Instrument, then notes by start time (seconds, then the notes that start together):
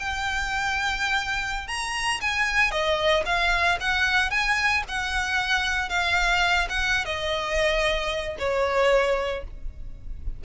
violin
0.00 G5
1.68 A#5
2.21 G#5
2.71 D#5
3.26 F5
3.81 F#5
4.31 G#5
4.89 F#5
5.89 F5
6.69 F#5
7.05 D#5
8.39 C#5